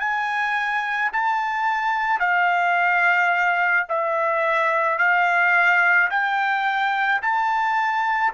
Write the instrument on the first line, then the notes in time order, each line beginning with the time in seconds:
trumpet
0.00 G#5
1.13 A5
2.20 F5
3.89 E5
4.99 F5
6.11 G5
7.22 A5